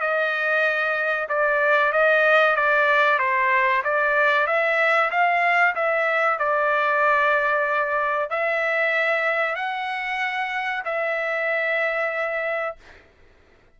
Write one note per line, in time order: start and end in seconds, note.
0.00 1.28 D#5
1.29 1.92 D5
1.92 2.55 D#5
2.55 3.19 D5
3.19 3.82 C5
3.84 4.47 D5
4.47 5.10 E5
5.11 5.74 F5
5.75 6.39 E5
6.39 8.29 D5
8.29 9.55 E5
9.55 10.83 F#5
10.84 12.76 E5